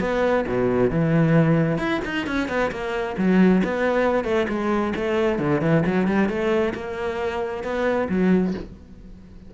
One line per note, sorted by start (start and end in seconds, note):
0.00 0.45 B3
0.47 0.90 B2
0.90 1.78 E3
1.78 2.00 E4
2.05 2.27 D#4
2.27 2.48 C#4
2.48 2.71 B3
2.71 3.16 A#3
3.17 3.62 F#3
3.64 4.24 B3
4.24 4.47 A3
4.49 4.93 G#3
4.95 5.39 A3
5.39 5.61 D3
5.61 5.83 E3
5.86 6.07 F#3
6.07 6.29 G3
6.29 6.73 A3
6.74 7.63 A#3
7.63 8.08 B3
8.09 8.54 F#3